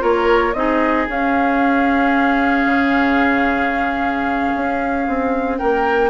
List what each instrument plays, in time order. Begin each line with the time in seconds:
0.00 bassoon A#3, clarinet F4, oboe A#4, flute C#5
0.54 bassoon C4, clarinet D#4, oboe G#4, flute D#5
1.08 bassoon C#4, clarinet C#4, flute F5
2.66 bassoon C#3
4.56 bassoon C#4
5.08 bassoon C4
5.58 bassoon A#3, oboe A#4, flute G5